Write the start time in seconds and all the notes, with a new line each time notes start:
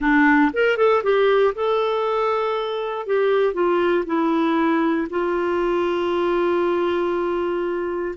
0.00 D4
0.53 A#4
0.77 A4
1.03 G4
1.55 A4
3.06 G4
3.53 F4
4.06 E4
5.10 F4